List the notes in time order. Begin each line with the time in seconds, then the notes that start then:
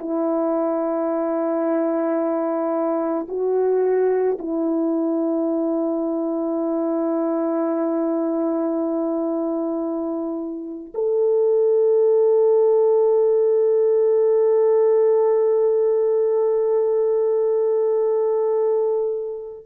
0.00 E4
3.29 F#4
4.39 E4
10.95 A4